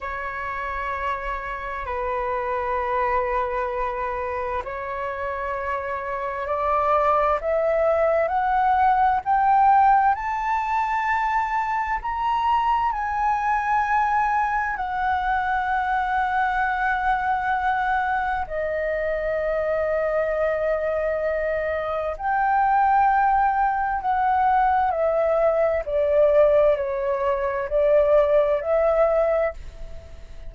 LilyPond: \new Staff \with { instrumentName = "flute" } { \time 4/4 \tempo 4 = 65 cis''2 b'2~ | b'4 cis''2 d''4 | e''4 fis''4 g''4 a''4~ | a''4 ais''4 gis''2 |
fis''1 | dis''1 | g''2 fis''4 e''4 | d''4 cis''4 d''4 e''4 | }